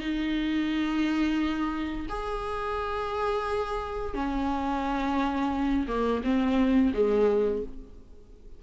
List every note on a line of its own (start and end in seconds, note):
0.00 2.07 D#4
2.09 4.14 G#4
4.14 5.87 C#4
5.88 6.23 A#3
6.24 6.93 C4
6.94 7.63 G#3